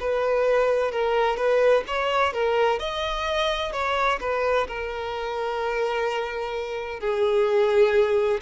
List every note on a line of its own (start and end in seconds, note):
0.00 0.92 B4
0.92 1.36 A#4
1.36 1.83 B4
1.87 2.33 C#5
2.33 2.79 A#4
2.79 3.72 D#5
3.72 4.19 C#5
4.20 4.67 B4
4.67 7.00 A#4
7.00 8.40 G#4